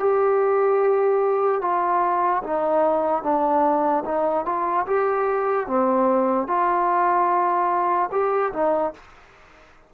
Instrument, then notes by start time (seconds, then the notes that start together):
trombone
0.00 G4
1.62 F4
2.44 D#4
3.23 D4
4.05 D#4
4.46 F4
4.87 G4
5.67 C4
6.48 F4
8.12 G4
8.53 D#4